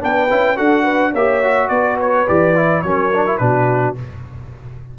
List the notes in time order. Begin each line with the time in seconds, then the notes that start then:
0.00 B3 D4 B4 G5
0.30 C#4 E4
0.57 D4 F#4 A4 F#5
0.83 B4
1.12 A#3 G4 C#5 E5
1.44 F#4
1.69 B3 B4 D5
2.01 C#5
2.27 E3 G4 D5
2.55 E4
2.82 F#3 C#4 A#4 C#5
3.13 D4
3.27 E4
3.38 B2 D4 F#4 B4